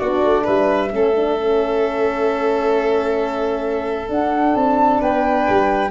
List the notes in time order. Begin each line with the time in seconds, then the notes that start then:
0.00 B3 D4 F#4 D5
0.24 A3
0.44 G3 B4 E5
0.91 A3 C#4 A4
1.17 D4
1.39 C#4
4.09 D4 F#5
4.56 C4 A5
5.01 B3 B4 G5
5.50 G3